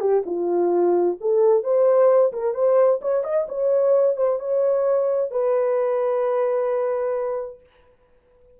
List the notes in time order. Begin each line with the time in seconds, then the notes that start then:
0.00 G4
0.25 F4
1.20 A4
1.63 C5
2.32 A#4
2.54 C5
3.01 C#5
3.24 D#5
3.49 C#5
4.16 C5
4.39 C#5
5.31 B4